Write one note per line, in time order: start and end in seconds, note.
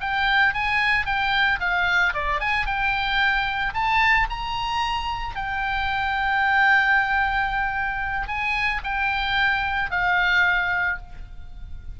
0.00 0.53 G5
0.53 1.06 G#5
1.06 1.59 G5
1.60 2.13 F5
2.14 2.40 D5
2.40 2.66 G#5
2.66 3.73 G5
3.74 4.27 A5
4.29 5.35 A#5
5.35 8.28 G5
8.28 8.81 G#5
8.83 9.91 G5
9.91 10.98 F5